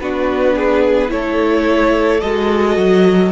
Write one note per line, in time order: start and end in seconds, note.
0.00 1.11 B3
0.00 1.08 D4
0.00 0.55 F#4
0.00 1.10 B4
0.55 1.11 G#4
1.08 2.22 A3
1.08 2.19 E4
1.08 3.32 A4
1.08 2.20 C#5
2.20 2.77 G#3
2.20 3.32 F#4
2.20 3.31 D#5
2.77 3.32 F#3